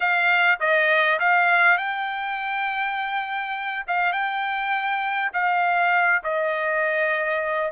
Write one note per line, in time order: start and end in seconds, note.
0.00 0.59 F5
0.59 1.19 D#5
1.19 1.77 F5
1.77 3.85 G5
3.87 4.12 F5
4.12 5.31 G5
5.33 6.22 F5
6.23 7.71 D#5